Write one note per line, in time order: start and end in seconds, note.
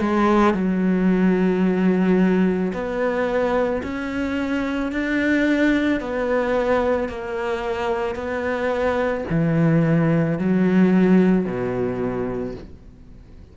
0.00 0.55 G#3
0.55 2.73 F#3
2.73 3.82 B3
3.83 4.92 C#4
4.92 6.00 D4
6.00 7.09 B3
7.09 8.16 A#3
8.16 9.25 B3
9.30 10.39 E3
10.39 11.46 F#3
11.46 12.55 B2